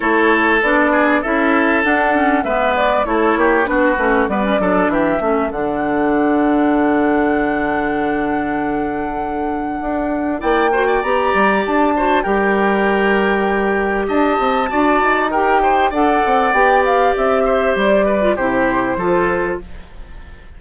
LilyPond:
<<
  \new Staff \with { instrumentName = "flute" } { \time 4/4 \tempo 4 = 98 cis''4 d''4 e''4 fis''4 | e''8 d''8 cis''4 b'4 d''4 | e''4 fis''2.~ | fis''1~ |
fis''4 g''4 ais''4 a''4 | g''2. a''4~ | a''4 g''4 fis''4 g''8 f''8 | e''4 d''4 c''2 | }
  \new Staff \with { instrumentName = "oboe" } { \time 4/4 a'4. gis'8 a'2 | b'4 a'8 g'8 fis'4 b'8 a'8 | g'8 a'2.~ a'8~ | a'1~ |
a'4 d''8 c''16 d''4.~ d''16 c''8 | ais'2. dis''4 | d''4 ais'8 c''8 d''2~ | d''8 c''4 b'8 g'4 a'4 | }
  \new Staff \with { instrumentName = "clarinet" } { \time 4/4 e'4 d'4 e'4 d'8 cis'8 | b4 e'4 d'8 cis'8 b16 cis'16 d'8~ | d'8 cis'8 d'2.~ | d'1~ |
d'4 e'8 fis'8 g'4. fis'8 | g'1 | fis'4 g'4 a'4 g'4~ | g'4.~ g'16 f'16 e'4 f'4 | }
  \new Staff \with { instrumentName = "bassoon" } { \time 4/4 a4 b4 cis'4 d'4 | gis4 a8 ais8 b8 a8 g8 fis8 | e8 a8 d2.~ | d1 |
d'4 ais4 b8 g8 d'4 | g2. d'8 c'8 | d'8 dis'4. d'8 c'8 b4 | c'4 g4 c4 f4 | }
>>